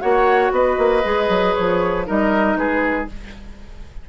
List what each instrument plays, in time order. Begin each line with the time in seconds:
0.00 bassoon A#3, clarinet F#4, oboe C#5, flute F#5
0.51 bassoon B3, oboe B4, flute D#5
0.78 bassoon A#3
1.03 bassoon G#3, clarinet G#4
1.29 bassoon F#3
1.55 bassoon F3, flute C#5
2.05 bassoon G3, clarinet D#4, oboe A#4, flute D#5
2.56 bassoon G#3, oboe G#4, flute B4